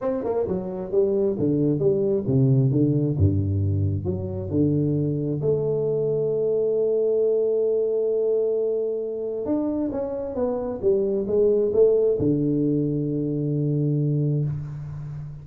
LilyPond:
\new Staff \with { instrumentName = "tuba" } { \time 4/4 \tempo 4 = 133 c'8 ais8 fis4 g4 d4 | g4 c4 d4 g,4~ | g,4 fis4 d2 | a1~ |
a1~ | a4 d'4 cis'4 b4 | g4 gis4 a4 d4~ | d1 | }